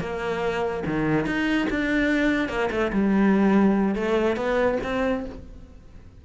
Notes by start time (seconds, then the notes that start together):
0.00 A#3
0.86 D#3
1.26 D#4
1.70 D4
2.49 A#3
2.71 A3
2.92 G3
3.95 A3
4.36 B3
4.84 C4